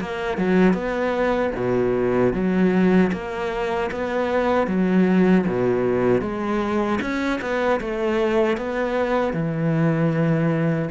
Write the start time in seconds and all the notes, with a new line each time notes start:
0.00 A#3
0.37 F#3
0.73 B3
1.55 B2
2.33 F#3
3.12 A#3
3.91 B3
4.67 F#3
5.47 B2
6.21 G#3
7.01 C#4
7.41 B3
7.80 A3
8.57 B3
9.33 E3